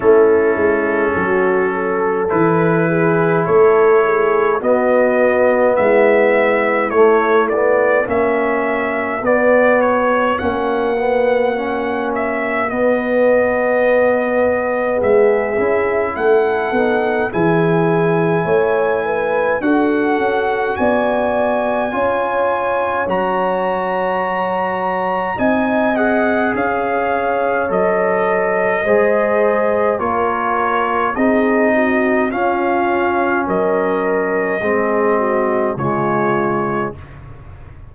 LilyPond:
<<
  \new Staff \with { instrumentName = "trumpet" } { \time 4/4 \tempo 4 = 52 a'2 b'4 cis''4 | dis''4 e''4 cis''8 d''8 e''4 | d''8 cis''8 fis''4. e''8 dis''4~ | dis''4 e''4 fis''4 gis''4~ |
gis''4 fis''4 gis''2 | ais''2 gis''8 fis''8 f''4 | dis''2 cis''4 dis''4 | f''4 dis''2 cis''4 | }
  \new Staff \with { instrumentName = "horn" } { \time 4/4 e'4 fis'8 a'4 gis'8 a'8 gis'8 | fis'4 e'2 fis'4~ | fis'1~ | fis'4 gis'4 a'4 gis'4 |
cis''8 b'8 a'4 d''4 cis''4~ | cis''2 dis''4 cis''4~ | cis''4 c''4 ais'4 gis'8 fis'8 | f'4 ais'4 gis'8 fis'8 f'4 | }
  \new Staff \with { instrumentName = "trombone" } { \time 4/4 cis'2 e'2 | b2 a8 b8 cis'4 | b4 cis'8 b8 cis'4 b4~ | b4. e'4 dis'8 e'4~ |
e'4 fis'2 f'4 | fis'2 dis'8 gis'4. | a'4 gis'4 f'4 dis'4 | cis'2 c'4 gis4 | }
  \new Staff \with { instrumentName = "tuba" } { \time 4/4 a8 gis8 fis4 e4 a4 | b4 gis4 a4 ais4 | b4 ais2 b4~ | b4 gis8 cis'8 a8 b8 e4 |
a4 d'8 cis'8 b4 cis'4 | fis2 c'4 cis'4 | fis4 gis4 ais4 c'4 | cis'4 fis4 gis4 cis4 | }
>>